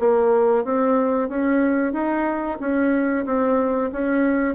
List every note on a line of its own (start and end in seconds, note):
0.00 0.65 A#3
0.65 1.29 C4
1.29 1.93 C#4
1.93 2.58 D#4
2.60 3.25 C#4
3.26 3.91 C4
3.92 4.55 C#4